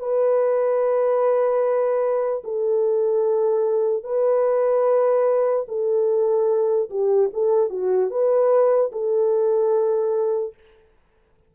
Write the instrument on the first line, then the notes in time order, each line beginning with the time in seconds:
horn
0.00 B4
2.44 A4
4.04 B4
5.68 A4
6.90 G4
7.33 A4
7.70 F#4
8.10 B4
8.92 A4